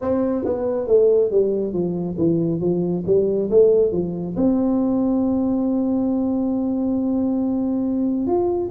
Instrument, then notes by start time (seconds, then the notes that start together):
tuba
0.01 C4
0.45 B3
0.87 A3
1.30 G3
1.73 F3
2.17 E3
2.60 F3
3.06 G3
3.50 A3
3.92 F3
4.36 C4
8.26 F4